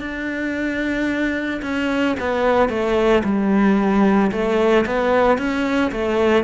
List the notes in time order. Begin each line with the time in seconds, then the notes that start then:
0.00 D4
1.62 C#4
2.20 B3
2.69 A3
3.24 G3
4.31 A3
4.86 B3
5.38 C#4
5.91 A3